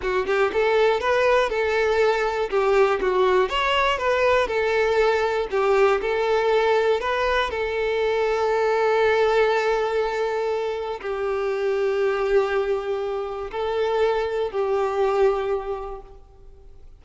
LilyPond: \new Staff \with { instrumentName = "violin" } { \time 4/4 \tempo 4 = 120 fis'8 g'8 a'4 b'4 a'4~ | a'4 g'4 fis'4 cis''4 | b'4 a'2 g'4 | a'2 b'4 a'4~ |
a'1~ | a'2 g'2~ | g'2. a'4~ | a'4 g'2. | }